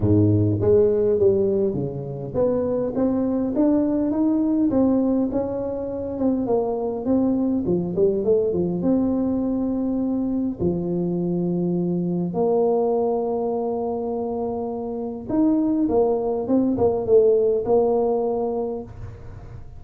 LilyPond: \new Staff \with { instrumentName = "tuba" } { \time 4/4 \tempo 4 = 102 gis,4 gis4 g4 cis4 | b4 c'4 d'4 dis'4 | c'4 cis'4. c'8 ais4 | c'4 f8 g8 a8 f8 c'4~ |
c'2 f2~ | f4 ais2.~ | ais2 dis'4 ais4 | c'8 ais8 a4 ais2 | }